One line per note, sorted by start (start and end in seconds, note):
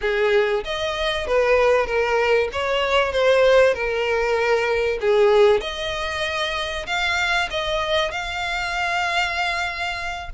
0.01 0.63 G#4
0.64 1.26 D#5
1.26 1.86 B4
1.86 2.48 A#4
2.52 3.12 C#5
3.12 3.74 C5
3.74 4.99 A#4
5.00 5.61 G#4
5.61 6.86 D#5
6.86 7.49 F5
7.50 8.11 D#5
8.11 10.30 F5